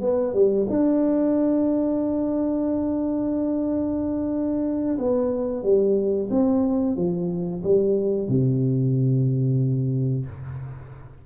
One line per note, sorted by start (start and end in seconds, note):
0.00 0.33 B3
0.33 0.66 G3
0.69 4.98 D4
4.98 5.63 B3
5.63 6.29 G3
6.30 6.96 C4
6.96 7.62 F3
7.63 8.28 G3
8.28 10.26 C3